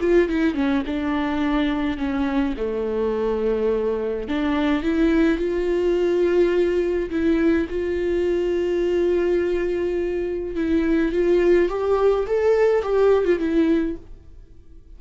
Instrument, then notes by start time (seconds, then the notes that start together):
viola
0.00 F4
0.28 E4
0.54 C#4
0.86 D4
1.97 C#4
2.57 A3
4.28 D4
4.82 E4
5.38 F4
7.10 E4
7.69 F4
10.55 E4
11.12 F4
11.69 G4
12.26 A4
12.82 G4
13.24 F4
13.39 E4